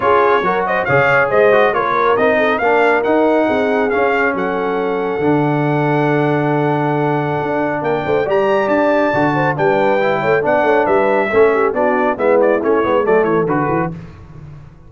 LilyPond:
<<
  \new Staff \with { instrumentName = "trumpet" } { \time 4/4 \tempo 4 = 138 cis''4. dis''8 f''4 dis''4 | cis''4 dis''4 f''4 fis''4~ | fis''4 f''4 fis''2~ | fis''1~ |
fis''2 g''4 ais''4 | a''2 g''2 | fis''4 e''2 d''4 | e''8 d''8 cis''4 d''8 cis''8 b'4 | }
  \new Staff \with { instrumentName = "horn" } { \time 4/4 gis'4 ais'8 c''8 cis''4 c''4 | ais'4. a'8 ais'2 | gis'2 a'2~ | a'1~ |
a'2 ais'8 c''8 d''4~ | d''4. c''8 b'4. cis''8 | d''8 cis''8 b'4 a'8 g'8 fis'4 | e'2 a'2 | }
  \new Staff \with { instrumentName = "trombone" } { \time 4/4 f'4 fis'4 gis'4. fis'8 | f'4 dis'4 d'4 dis'4~ | dis'4 cis'2. | d'1~ |
d'2. g'4~ | g'4 fis'4 d'4 e'4 | d'2 cis'4 d'4 | b4 cis'8 b8 a4 fis'4 | }
  \new Staff \with { instrumentName = "tuba" } { \time 4/4 cis'4 fis4 cis4 gis4 | ais4 c'4 ais4 dis'4 | c'4 cis'4 fis2 | d1~ |
d4 d'4 ais8 a8 g4 | d'4 d4 g4. a8 | b8 a8 g4 a4 b4 | gis4 a8 gis8 fis8 e8 d8 e8 | }
>>